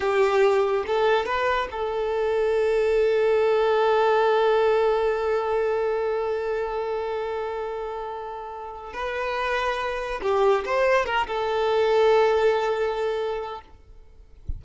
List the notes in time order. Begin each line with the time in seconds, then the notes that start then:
0.00 G4
0.86 A4
1.25 B4
1.71 A4
8.93 B4
10.21 G4
10.65 C5
11.05 A#4
11.27 A4